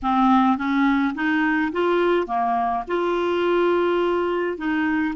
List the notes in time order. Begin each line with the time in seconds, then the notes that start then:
0.02 C4
0.57 C#4
1.14 D#4
1.72 F4
2.26 A#3
2.87 F4
4.57 D#4